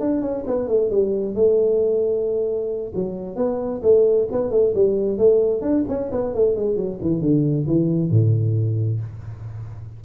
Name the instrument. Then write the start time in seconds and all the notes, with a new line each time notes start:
tuba
0.00 D4
0.22 C#4
0.47 B3
0.68 A3
0.90 G3
1.35 A3
2.95 F#3
3.36 B3
3.83 A3
4.32 B3
4.51 A3
4.75 G3
5.18 A3
5.62 D4
5.89 C#4
6.12 B3
6.35 A3
6.56 G#3
6.76 F#3
7.02 E3
7.21 D3
7.67 E3
8.11 A2